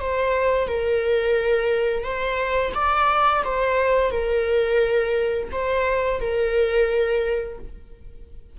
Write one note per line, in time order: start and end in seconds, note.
0.00 0.68 C5
0.68 2.04 A#4
2.04 2.73 C5
2.75 3.44 D5
3.45 4.11 C5
4.11 5.49 A#4
5.52 6.21 C5
6.21 7.59 A#4